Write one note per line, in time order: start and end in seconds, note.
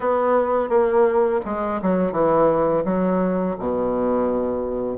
0.00 0.69 B3
0.69 1.40 A#3
1.44 1.80 G#3
1.81 2.12 F#3
2.12 2.83 E3
2.84 3.56 F#3
3.58 4.97 B2